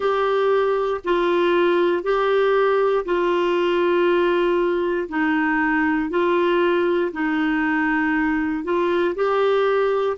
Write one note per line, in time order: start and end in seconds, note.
0.00 1.00 G4
1.04 2.03 F4
2.03 3.05 G4
3.05 5.08 F4
5.08 6.10 D#4
6.10 7.11 F4
7.12 8.63 D#4
8.63 9.14 F4
9.15 10.16 G4